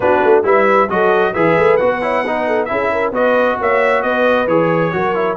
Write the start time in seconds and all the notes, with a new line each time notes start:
0.00 B3 D4 F#4 B4
0.24 A3
0.43 G3 E4 B4 E5
0.89 F#3 F#4 A4 D#5
1.33 E3 G#4 B4 E5
1.57 A3
1.76 B3 F#4 F#5
2.01 E4 C#5
2.23 D#4 B4
2.46 A4
2.65 C#4 E4 G#4 E5
2.92 A#4
3.11 B3 F#4 B4 D#5
3.60 A#3 C#5 E5
4.02 B3 B4 D#5
4.47 E3 G#4 C#5
4.92 F#3 F#4 A#4
5.14 E4